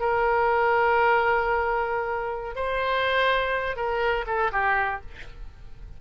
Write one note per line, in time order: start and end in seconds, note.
0.00 2.56 A#4
2.56 3.76 C5
3.76 4.25 A#4
4.27 4.51 A4
4.52 5.01 G4